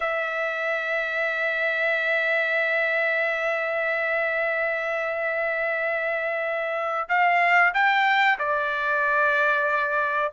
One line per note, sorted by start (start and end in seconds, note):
0.00 7.08 E5
7.08 7.73 F5
7.74 8.38 G5
8.38 10.32 D5